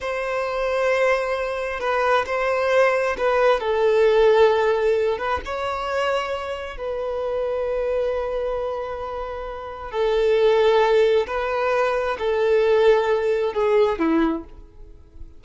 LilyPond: \new Staff \with { instrumentName = "violin" } { \time 4/4 \tempo 4 = 133 c''1 | b'4 c''2 b'4 | a'2.~ a'8 b'8 | cis''2. b'4~ |
b'1~ | b'2 a'2~ | a'4 b'2 a'4~ | a'2 gis'4 e'4 | }